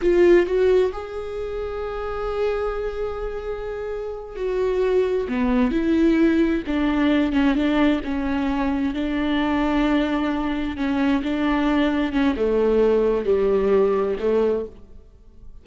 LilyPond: \new Staff \with { instrumentName = "viola" } { \time 4/4 \tempo 4 = 131 f'4 fis'4 gis'2~ | gis'1~ | gis'4. fis'2 b8~ | b8 e'2 d'4. |
cis'8 d'4 cis'2 d'8~ | d'2.~ d'8 cis'8~ | cis'8 d'2 cis'8 a4~ | a4 g2 a4 | }